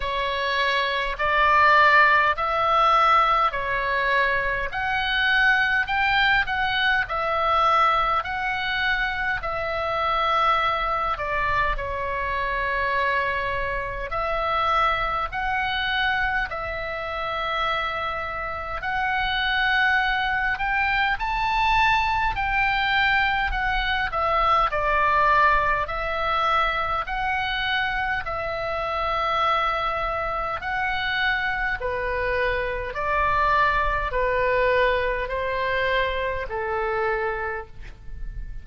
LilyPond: \new Staff \with { instrumentName = "oboe" } { \time 4/4 \tempo 4 = 51 cis''4 d''4 e''4 cis''4 | fis''4 g''8 fis''8 e''4 fis''4 | e''4. d''8 cis''2 | e''4 fis''4 e''2 |
fis''4. g''8 a''4 g''4 | fis''8 e''8 d''4 e''4 fis''4 | e''2 fis''4 b'4 | d''4 b'4 c''4 a'4 | }